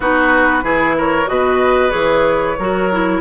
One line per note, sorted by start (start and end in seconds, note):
0.00 0.62 B3
0.00 0.63 D#4
0.00 0.64 F#4
0.00 0.98 B4
0.62 1.27 E3
0.62 1.26 E4
0.62 0.96 G#4
0.97 1.30 A#4
0.97 1.27 C#5
1.26 1.92 B2
1.26 1.90 F#4
1.26 2.58 B4
1.26 1.90 D#5
1.90 2.58 E3
1.90 2.54 G#4
1.90 3.19 C#5
2.58 3.21 F#3
2.58 2.92 F#4
2.58 3.21 A#4
2.92 3.21 E4